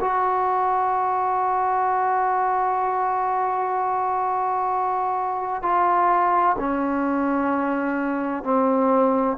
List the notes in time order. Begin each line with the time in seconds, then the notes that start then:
0.00 F#4
5.62 F4
6.59 C#4
8.43 C4